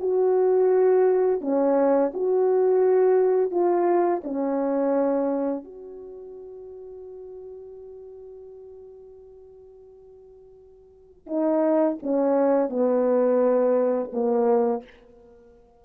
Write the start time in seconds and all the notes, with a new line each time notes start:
0.00 F#4
1.41 C#4
2.14 F#4
3.51 F4
4.24 C#4
5.64 F#4
11.27 D#4
12.03 C#4
12.70 B3
14.13 A#3